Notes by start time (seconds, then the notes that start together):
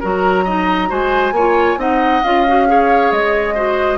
0.00 F#3 F#4 A#4 A#5
0.44 D#4 D#5
0.88 G#3 F#4 C5 G#5
1.32 A#3 C#5
1.38 F4
1.77 C4 D#4 D#5 F#5
2.24 C#4 F4 F5
2.47 F#4
2.67 G#4 C#5
3.11 G#3 D#5
3.54 F#4 C5